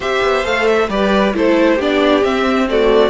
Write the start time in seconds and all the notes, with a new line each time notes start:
0.00 C4 G4 C5 E5
0.22 B3
0.44 A3 A4 F5
0.67 E5
0.88 G3 G4 B4 D5
1.34 A3 E4 A4 C5
1.75 B3 D4 G4 D5
2.22 C4 E5
2.69 A3 F#4 D5